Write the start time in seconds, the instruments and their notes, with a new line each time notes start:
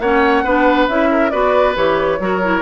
0.00 bassoon A#3, clarinet C#4, oboe C#5, flute F#5
0.44 bassoon B3, clarinet D4, oboe B4
0.89 bassoon C#4, clarinet E4, flute E5
1.11 oboe A#4
1.30 bassoon B3, clarinet F#4, oboe B4, flute D5
1.76 bassoon E3, clarinet G4, flute C#5
2.20 bassoon F#3, clarinet F#4, oboe A#4
2.43 clarinet E4